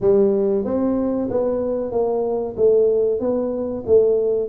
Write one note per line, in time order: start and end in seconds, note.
0.00 0.64 G3
0.64 1.28 C4
1.30 1.91 B3
1.91 2.55 A#3
2.56 3.19 A3
3.19 3.83 B3
3.86 4.49 A3